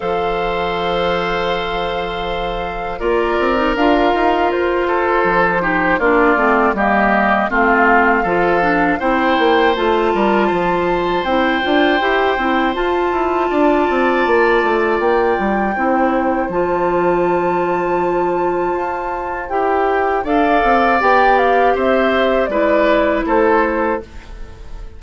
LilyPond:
<<
  \new Staff \with { instrumentName = "flute" } { \time 4/4 \tempo 4 = 80 f''1 | d''4 f''4 c''2 | d''4 dis''4 f''2 | g''4 a''2 g''4~ |
g''4 a''2. | g''2 a''2~ | a''2 g''4 f''4 | g''8 f''8 e''4 d''4 c''4 | }
  \new Staff \with { instrumentName = "oboe" } { \time 4/4 c''1 | ais'2~ ais'8 a'4 g'8 | f'4 g'4 f'4 a'4 | c''4. ais'8 c''2~ |
c''2 d''2~ | d''4 c''2.~ | c''2. d''4~ | d''4 c''4 b'4 a'4 | }
  \new Staff \with { instrumentName = "clarinet" } { \time 4/4 a'1 | f'8. dis'16 f'2~ f'8 dis'8 | d'8 c'8 ais4 c'4 f'8 d'8 | e'4 f'2 e'8 f'8 |
g'8 e'8 f'2.~ | f'4 e'4 f'2~ | f'2 g'4 a'4 | g'2 e'2 | }
  \new Staff \with { instrumentName = "bassoon" } { \time 4/4 f1 | ais8 c'8 d'8 dis'8 f'4 f4 | ais8 a8 g4 a4 f4 | c'8 ais8 a8 g8 f4 c'8 d'8 |
e'8 c'8 f'8 e'8 d'8 c'8 ais8 a8 | ais8 g8 c'4 f2~ | f4 f'4 e'4 d'8 c'8 | b4 c'4 gis4 a4 | }
>>